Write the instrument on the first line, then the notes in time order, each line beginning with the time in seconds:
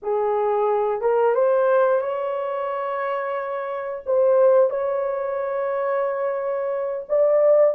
horn
0.02 G#4
1.01 A#4
1.34 C5
2.01 C#5
4.06 C5
4.69 C#5
7.08 D5